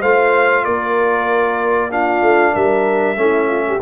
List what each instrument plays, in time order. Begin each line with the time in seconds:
0.00 tuba A3, trombone F4, horn C5, trumpet F5
0.65 tuba A#3, horn A#4, trumpet D5
1.91 trombone D4, horn F4, trumpet F5
2.22 tuba A3
2.54 tuba G3, horn A#4, trumpet E5
3.17 tuba A3, trombone C#4, horn E4
3.48 horn F4
3.68 horn G4